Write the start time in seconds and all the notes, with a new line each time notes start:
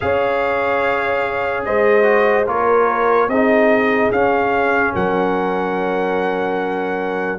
0.00 C#4 G#4 C#5 F5
1.64 G#3 C5 D#5
2.02 F#4
2.46 A#3 F4 A#4 C#5
3.28 C4 D#4 G#4 D#5
4.11 C#4 F5
4.93 F#3 A#4 F#5